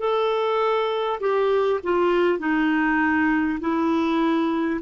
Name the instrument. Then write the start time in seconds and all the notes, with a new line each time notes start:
clarinet
0.00 A4
1.21 G4
1.84 F4
2.39 D#4
3.61 E4